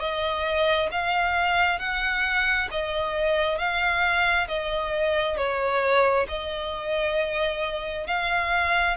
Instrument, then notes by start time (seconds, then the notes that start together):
violin
0.00 D#5
0.92 F5
1.79 F#5
2.71 D#5
3.58 F5
4.48 D#5
5.37 C#5
6.28 D#5
8.07 F5